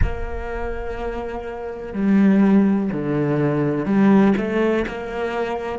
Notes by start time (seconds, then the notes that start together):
0.01 A#3
1.93 G3
2.92 D3
3.85 G3
4.37 A3
4.87 A#3